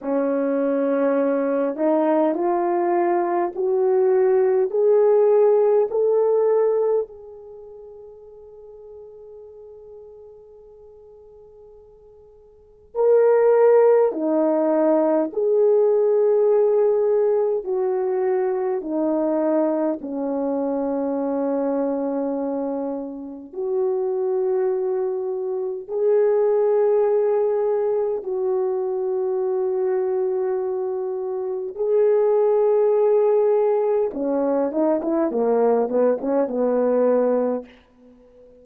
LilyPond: \new Staff \with { instrumentName = "horn" } { \time 4/4 \tempo 4 = 51 cis'4. dis'8 f'4 fis'4 | gis'4 a'4 gis'2~ | gis'2. ais'4 | dis'4 gis'2 fis'4 |
dis'4 cis'2. | fis'2 gis'2 | fis'2. gis'4~ | gis'4 cis'8 dis'16 e'16 ais8 b16 cis'16 b4 | }